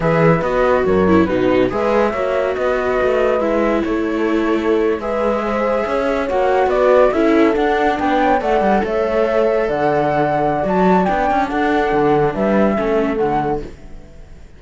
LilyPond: <<
  \new Staff \with { instrumentName = "flute" } { \time 4/4 \tempo 4 = 141 e''4 dis''4 cis''4 b'4 | e''2 dis''2 | e''4 cis''2~ cis''8. e''16~ | e''2~ e''8. fis''4 d''16~ |
d''8. e''4 fis''4 g''4 fis''16~ | fis''8. e''2 fis''4~ fis''16~ | fis''4 a''4 g''4 fis''4~ | fis''4 e''2 fis''4 | }
  \new Staff \with { instrumentName = "horn" } { \time 4/4 b'2 ais'4 fis'4 | b'4 cis''4 b'2~ | b'4 a'2~ a'8. b'16~ | b'8. c''4 cis''2 b'16~ |
b'8. a'2 b'8 cis''8 d''16~ | d''8. cis''2 d''4~ d''16~ | d''2. a'4~ | a'4 b'4 a'2 | }
  \new Staff \with { instrumentName = "viola" } { \time 4/4 gis'4 fis'4. e'8 dis'4 | gis'4 fis'2. | e'2.~ e'8. gis'16~ | gis'2~ gis'8. fis'4~ fis'16~ |
fis'8. e'4 d'2 a'16~ | a'1~ | a'4 fis'4 d'2~ | d'2 cis'4 a4 | }
  \new Staff \with { instrumentName = "cello" } { \time 4/4 e4 b4 fis,4 b,4 | gis4 ais4 b4 a4 | gis4 a2~ a8. gis16~ | gis4.~ gis16 cis'4 ais4 b16~ |
b8. cis'4 d'4 b4 a16~ | a16 g8 a2 d4~ d16~ | d4 fis4 b8 cis'8 d'4 | d4 g4 a4 d4 | }
>>